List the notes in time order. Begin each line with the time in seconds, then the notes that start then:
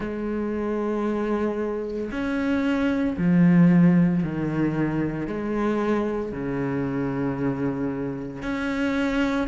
0.00 G#3
2.11 C#4
3.18 F3
4.23 D#3
5.27 G#3
6.32 C#3
8.42 C#4